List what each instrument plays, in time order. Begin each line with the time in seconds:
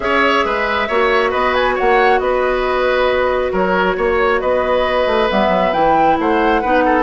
0.00 bassoon C#4, clarinet G#4, oboe C#5, flute E5
0.44 bassoon G#3, oboe B4
0.88 bassoon A#3, clarinet F#4, oboe C#5
1.30 bassoon B3, oboe B4, flute D#5
1.54 flute G#5
1.75 bassoon A#3, oboe C#5, flute F#5
2.19 bassoon B3, oboe B4, flute D#5
3.52 bassoon F#3, oboe A#4, flute C#5
3.96 bassoon A#3, oboe C#5
4.40 bassoon B3, oboe B4, flute D#5
5.06 bassoon A3
5.30 bassoon G3, clarinet B3, flute E5
5.48 bassoon F#3
5.73 bassoon E3, clarinet E4, flute G5
6.18 bassoon A3, oboe C5, flute F#5
6.61 bassoon B3, clarinet D#4, oboe B4
6.85 oboe A4